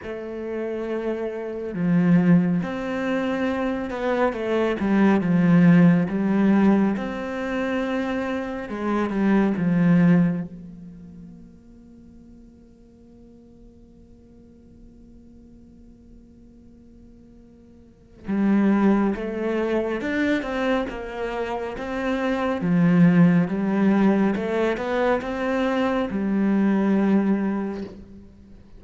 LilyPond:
\new Staff \with { instrumentName = "cello" } { \time 4/4 \tempo 4 = 69 a2 f4 c'4~ | c'8 b8 a8 g8 f4 g4 | c'2 gis8 g8 f4 | ais1~ |
ais1~ | ais4 g4 a4 d'8 c'8 | ais4 c'4 f4 g4 | a8 b8 c'4 g2 | }